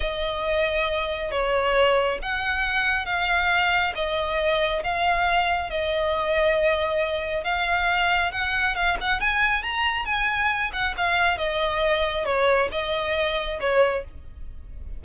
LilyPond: \new Staff \with { instrumentName = "violin" } { \time 4/4 \tempo 4 = 137 dis''2. cis''4~ | cis''4 fis''2 f''4~ | f''4 dis''2 f''4~ | f''4 dis''2.~ |
dis''4 f''2 fis''4 | f''8 fis''8 gis''4 ais''4 gis''4~ | gis''8 fis''8 f''4 dis''2 | cis''4 dis''2 cis''4 | }